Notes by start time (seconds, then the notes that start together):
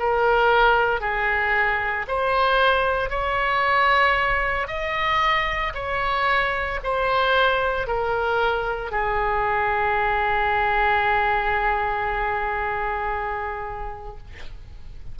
0.00 A#4
1.01 G#4
2.08 C5
3.10 C#5
4.68 D#5
5.75 C#5
6.84 C5
7.87 A#4
8.92 G#4